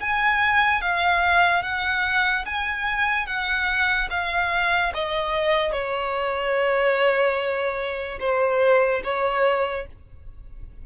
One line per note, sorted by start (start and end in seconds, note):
0.00 0.81 G#5
0.81 1.63 F5
1.63 2.45 F#5
2.45 3.27 G#5
3.27 4.09 F#5
4.10 4.92 F5
4.94 5.72 D#5
5.72 8.19 C#5
8.20 9.02 C5
9.04 9.86 C#5